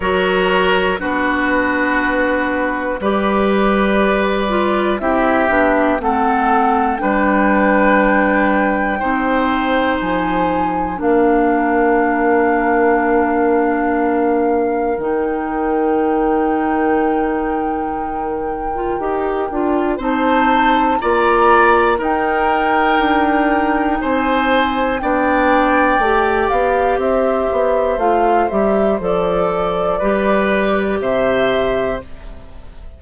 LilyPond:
<<
  \new Staff \with { instrumentName = "flute" } { \time 4/4 \tempo 4 = 60 cis''4 b'2 d''4~ | d''4 e''4 fis''4 g''4~ | g''2 gis''4 f''4~ | f''2. g''4~ |
g''1 | a''4 ais''4 g''2 | gis''4 g''4. f''8 e''4 | f''8 e''8 d''2 e''4 | }
  \new Staff \with { instrumentName = "oboe" } { \time 4/4 ais'4 fis'2 b'4~ | b'4 g'4 a'4 b'4~ | b'4 c''2 ais'4~ | ais'1~ |
ais'1 | c''4 d''4 ais'2 | c''4 d''2 c''4~ | c''2 b'4 c''4 | }
  \new Staff \with { instrumentName = "clarinet" } { \time 4/4 fis'4 d'2 g'4~ | g'8 f'8 e'8 d'8 c'4 d'4~ | d'4 dis'2 d'4~ | d'2. dis'4~ |
dis'2~ dis'8. f'16 g'8 f'8 | dis'4 f'4 dis'2~ | dis'4 d'4 g'2 | f'8 g'8 a'4 g'2 | }
  \new Staff \with { instrumentName = "bassoon" } { \time 4/4 fis4 b2 g4~ | g4 c'8 b8 a4 g4~ | g4 c'4 f4 ais4~ | ais2. dis4~ |
dis2. dis'8 d'8 | c'4 ais4 dis'4 d'4 | c'4 b4 a8 b8 c'8 b8 | a8 g8 f4 g4 c4 | }
>>